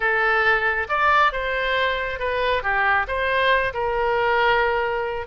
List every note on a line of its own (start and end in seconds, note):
0.00 0.87 A4
0.89 1.32 D5
1.32 2.19 C5
2.19 2.62 B4
2.62 3.06 G4
3.07 3.73 C5
3.73 5.26 A#4